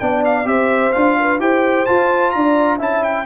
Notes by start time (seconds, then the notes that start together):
0.00 B3 D4 D5 G5
0.25 F5
0.45 C4 G4 C5 E5
0.93 D4 F4 F5
1.19 B4
1.40 E4 G4 C5 G5
1.86 F4 A5
2.31 D4 D5 A#5
2.78 C#4 E4 E5 A5
3.04 G5